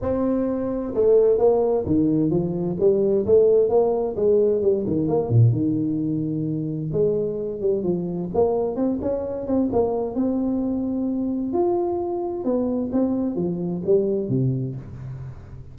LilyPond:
\new Staff \with { instrumentName = "tuba" } { \time 4/4 \tempo 4 = 130 c'2 a4 ais4 | dis4 f4 g4 a4 | ais4 gis4 g8 dis8 ais8 ais,8 | dis2. gis4~ |
gis8 g8 f4 ais4 c'8 cis'8~ | cis'8 c'8 ais4 c'2~ | c'4 f'2 b4 | c'4 f4 g4 c4 | }